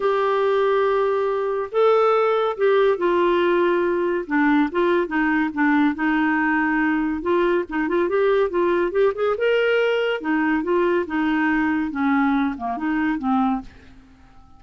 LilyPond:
\new Staff \with { instrumentName = "clarinet" } { \time 4/4 \tempo 4 = 141 g'1 | a'2 g'4 f'4~ | f'2 d'4 f'4 | dis'4 d'4 dis'2~ |
dis'4 f'4 dis'8 f'8 g'4 | f'4 g'8 gis'8 ais'2 | dis'4 f'4 dis'2 | cis'4. ais8 dis'4 c'4 | }